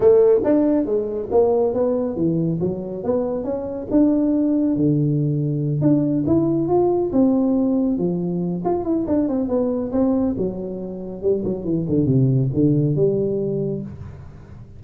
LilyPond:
\new Staff \with { instrumentName = "tuba" } { \time 4/4 \tempo 4 = 139 a4 d'4 gis4 ais4 | b4 e4 fis4 b4 | cis'4 d'2 d4~ | d4. d'4 e'4 f'8~ |
f'8 c'2 f4. | f'8 e'8 d'8 c'8 b4 c'4 | fis2 g8 fis8 e8 d8 | c4 d4 g2 | }